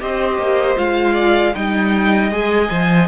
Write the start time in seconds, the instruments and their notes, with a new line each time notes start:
0.00 cello C4, viola G4, violin C5 D#5
0.37 cello A#3
0.76 cello G#3, viola F4, violin F5
1.13 violin D5
1.55 cello G3, viola D#4, violin D#5 G5
2.31 cello G#3, viola G#4, violin G#5
2.70 cello F3, viola C5